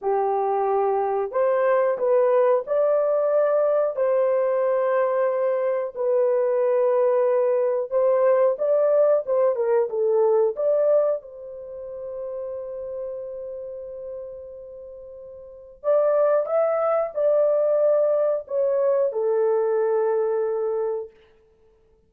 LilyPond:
\new Staff \with { instrumentName = "horn" } { \time 4/4 \tempo 4 = 91 g'2 c''4 b'4 | d''2 c''2~ | c''4 b'2. | c''4 d''4 c''8 ais'8 a'4 |
d''4 c''2.~ | c''1 | d''4 e''4 d''2 | cis''4 a'2. | }